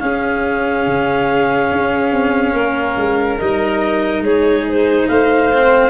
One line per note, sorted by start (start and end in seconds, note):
0.00 3.38 C#4
0.00 0.86 C#4
0.00 2.55 G#4
0.00 3.38 F5
0.86 1.71 C#3
1.72 2.12 C#4
2.12 2.53 C4
2.53 2.95 A#3
2.53 4.24 A#4
2.97 3.39 G#3
3.38 4.20 G3
3.38 5.53 D#4
3.38 4.23 D#5
4.20 5.05 G#3
4.20 5.09 G#4
4.20 4.67 C#5
4.69 5.08 C5
5.08 5.90 A3
5.08 5.90 C5
5.08 5.90 F5
5.53 5.90 C4